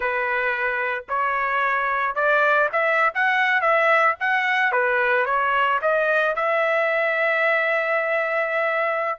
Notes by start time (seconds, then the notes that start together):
0.00 B4
1.08 C#5
2.15 D5
2.72 E5
3.14 F#5
3.61 E5
4.19 F#5
4.72 B4
5.25 C#5
5.81 D#5
6.35 E5